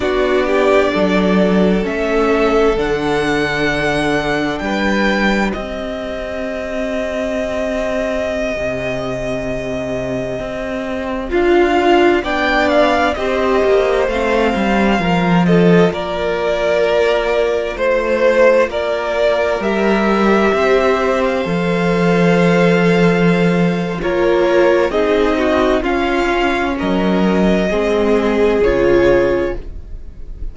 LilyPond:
<<
  \new Staff \with { instrumentName = "violin" } { \time 4/4 \tempo 4 = 65 d''2 e''4 fis''4~ | fis''4 g''4 dis''2~ | dis''1~ | dis''16 f''4 g''8 f''8 dis''4 f''8.~ |
f''8. dis''8 d''2 c''8.~ | c''16 d''4 e''4.~ e''16 f''4~ | f''2 cis''4 dis''4 | f''4 dis''2 cis''4 | }
  \new Staff \with { instrumentName = "violin" } { \time 4/4 fis'8 g'8 a'2.~ | a'4 b'4 g'2~ | g'1~ | g'16 f'4 d''4 c''4.~ c''16~ |
c''16 ais'8 a'8 ais'2 c''8.~ | c''16 ais'2 c''4.~ c''16~ | c''2 ais'4 gis'8 fis'8 | f'4 ais'4 gis'2 | }
  \new Staff \with { instrumentName = "viola" } { \time 4/4 d'2 cis'4 d'4~ | d'2 c'2~ | c'1~ | c'16 f'4 d'4 g'4 c'8.~ |
c'16 f'2.~ f'8.~ | f'4~ f'16 g'2 a'8.~ | a'2 f'4 dis'4 | cis'2 c'4 f'4 | }
  \new Staff \with { instrumentName = "cello" } { \time 4/4 b4 fis4 a4 d4~ | d4 g4 c'2~ | c'4~ c'16 c2 c'8.~ | c'16 d'4 b4 c'8 ais8 a8 g16~ |
g16 f4 ais2 a8.~ | a16 ais4 g4 c'4 f8.~ | f2 ais4 c'4 | cis'4 fis4 gis4 cis4 | }
>>